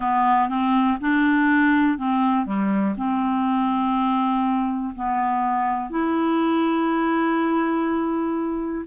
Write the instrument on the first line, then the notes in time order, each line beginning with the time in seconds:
clarinet
0.00 B3
0.49 C4
1.00 D4
1.98 C4
2.45 G3
2.97 C4
4.95 B3
5.90 E4